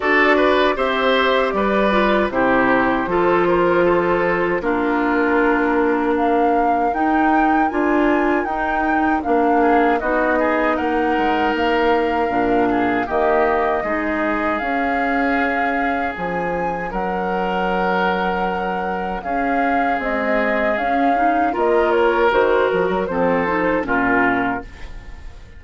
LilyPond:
<<
  \new Staff \with { instrumentName = "flute" } { \time 4/4 \tempo 4 = 78 d''4 e''4 d''4 c''4~ | c''2 ais'2 | f''4 g''4 gis''4 g''4 | f''4 dis''4 fis''4 f''4~ |
f''4 dis''2 f''4~ | f''4 gis''4 fis''2~ | fis''4 f''4 dis''4 f''4 | dis''8 cis''8 c''8 ais'8 c''4 ais'4 | }
  \new Staff \with { instrumentName = "oboe" } { \time 4/4 a'8 b'8 c''4 b'4 g'4 | a'8 ais'8 a'4 f'2 | ais'1~ | ais'8 gis'8 fis'8 gis'8 ais'2~ |
ais'8 gis'8 g'4 gis'2~ | gis'2 ais'2~ | ais'4 gis'2. | ais'2 a'4 f'4 | }
  \new Staff \with { instrumentName = "clarinet" } { \time 4/4 fis'4 g'4. f'8 e'4 | f'2 d'2~ | d'4 dis'4 f'4 dis'4 | d'4 dis'2. |
d'4 ais4 dis'4 cis'4~ | cis'1~ | cis'2 gis4 cis'8 dis'8 | f'4 fis'4 c'8 dis'8 cis'4 | }
  \new Staff \with { instrumentName = "bassoon" } { \time 4/4 d'4 c'4 g4 c4 | f2 ais2~ | ais4 dis'4 d'4 dis'4 | ais4 b4 ais8 gis8 ais4 |
ais,4 dis4 gis4 cis'4~ | cis'4 f4 fis2~ | fis4 cis'4 c'4 cis'4 | ais4 dis8 f16 fis16 f4 ais,4 | }
>>